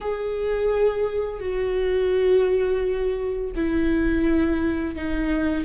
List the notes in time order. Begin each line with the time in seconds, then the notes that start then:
0.00 G#4
1.39 F#4
3.55 E4
4.95 D#4